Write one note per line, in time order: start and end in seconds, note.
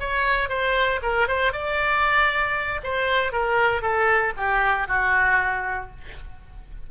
0.00 0.49 C#5
0.49 1.00 C5
1.02 1.28 A#4
1.28 1.53 C5
1.53 2.81 D5
2.83 3.32 C5
3.32 3.82 A#4
3.82 4.33 A4
4.37 4.88 G4
4.88 5.91 F#4